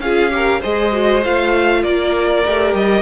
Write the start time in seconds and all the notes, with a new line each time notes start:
0.00 C#4 F4 G#4 F5
0.31 G4 A#4
0.61 G#3 G#4 C5 D#5
0.92 F#4
1.24 A3 F4 F5
1.83 A#3 A#4 D5
2.46 A3 G4
2.74 G3 D#5